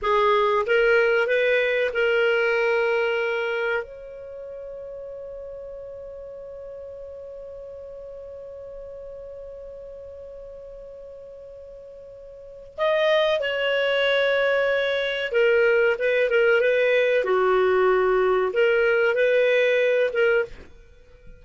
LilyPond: \new Staff \with { instrumentName = "clarinet" } { \time 4/4 \tempo 4 = 94 gis'4 ais'4 b'4 ais'4~ | ais'2 cis''2~ | cis''1~ | cis''1~ |
cis''1 | dis''4 cis''2. | ais'4 b'8 ais'8 b'4 fis'4~ | fis'4 ais'4 b'4. ais'8 | }